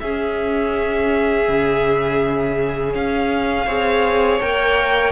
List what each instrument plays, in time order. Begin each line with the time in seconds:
0.00 cello C#4, viola C#4, violin G#4 E5
1.48 cello C#3
2.95 cello C#4, violin F5
3.66 cello C4, viola G#4, violin C#5
4.40 cello A#3, viola A#4, violin G5